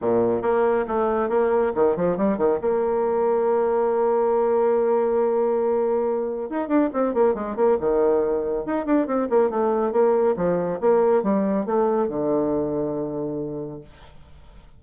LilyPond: \new Staff \with { instrumentName = "bassoon" } { \time 4/4 \tempo 4 = 139 ais,4 ais4 a4 ais4 | dis8 f8 g8 dis8 ais2~ | ais1~ | ais2. dis'8 d'8 |
c'8 ais8 gis8 ais8 dis2 | dis'8 d'8 c'8 ais8 a4 ais4 | f4 ais4 g4 a4 | d1 | }